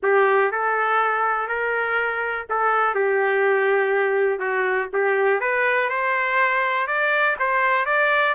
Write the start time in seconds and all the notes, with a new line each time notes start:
0.02 G4
0.51 A4
1.48 A#4
2.49 A4
2.94 G4
4.39 F#4
4.93 G4
5.40 B4
5.89 C5
6.87 D5
7.39 C5
7.85 D5